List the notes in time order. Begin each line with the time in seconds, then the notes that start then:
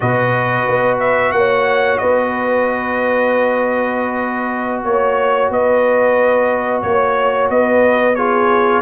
0.00 B2 F#4 B4 D#5
0.67 B3
0.99 E5
1.32 A#3 C#5 F#5
1.98 B3 B4 D#5
4.84 A#3 C#5
5.49 B3 B4 D#5
6.81 A#3 C#5
7.49 B3 B4 D#5
8.15 F4 G#4 C#5